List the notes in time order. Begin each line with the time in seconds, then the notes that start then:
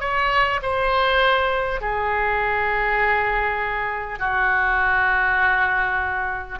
0.00 C#5
0.62 C5
1.81 G#4
4.19 F#4